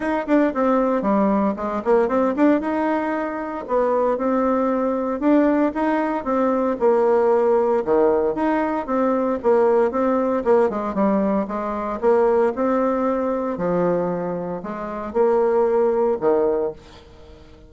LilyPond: \new Staff \with { instrumentName = "bassoon" } { \time 4/4 \tempo 4 = 115 dis'8 d'8 c'4 g4 gis8 ais8 | c'8 d'8 dis'2 b4 | c'2 d'4 dis'4 | c'4 ais2 dis4 |
dis'4 c'4 ais4 c'4 | ais8 gis8 g4 gis4 ais4 | c'2 f2 | gis4 ais2 dis4 | }